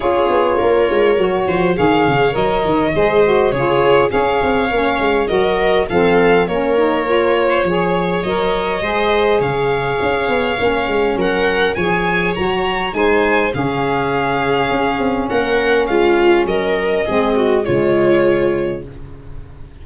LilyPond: <<
  \new Staff \with { instrumentName = "violin" } { \time 4/4 \tempo 4 = 102 cis''2. f''4 | dis''2 cis''4 f''4~ | f''4 dis''4 f''4 cis''4~ | cis''2 dis''2 |
f''2. fis''4 | gis''4 ais''4 gis''4 f''4~ | f''2 fis''4 f''4 | dis''2 cis''2 | }
  \new Staff \with { instrumentName = "viola" } { \time 4/4 gis'4 ais'4. c''8 cis''4~ | cis''4 c''4 gis'4 cis''4~ | cis''4 ais'4 a'4 ais'4~ | ais'8. c''16 cis''2 c''4 |
cis''2. ais'4 | cis''2 c''4 gis'4~ | gis'2 ais'4 f'4 | ais'4 gis'8 fis'8 f'2 | }
  \new Staff \with { instrumentName = "saxophone" } { \time 4/4 f'2 fis'4 gis'4 | ais'4 gis'8 fis'8 f'4 gis'4 | cis'4 fis'4 c'4 cis'8 dis'8 | f'4 gis'4 ais'4 gis'4~ |
gis'2 cis'2 | gis'4 fis'4 dis'4 cis'4~ | cis'1~ | cis'4 c'4 gis2 | }
  \new Staff \with { instrumentName = "tuba" } { \time 4/4 cis'8 b8 ais8 gis8 fis8 f8 dis8 cis8 | fis8 dis8 gis4 cis4 cis'8 c'8 | ais8 gis8 fis4 f4 ais4~ | ais4 f4 fis4 gis4 |
cis4 cis'8 b8 ais8 gis8 fis4 | f4 fis4 gis4 cis4~ | cis4 cis'8 c'8 ais4 gis4 | fis4 gis4 cis2 | }
>>